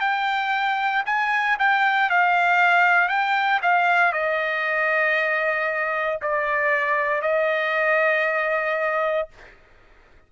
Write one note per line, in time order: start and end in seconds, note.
0.00 1.03 G5
1.05 1.57 G#5
1.58 2.10 G5
2.10 3.08 F5
3.08 3.60 G5
3.62 4.12 F5
4.12 6.19 D#5
6.21 7.22 D5
7.22 9.29 D#5